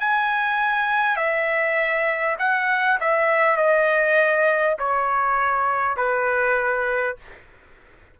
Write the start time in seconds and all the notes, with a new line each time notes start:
0.00 G#5
1.16 E5
2.38 F#5
3.01 E5
3.57 D#5
4.79 C#5
5.97 B4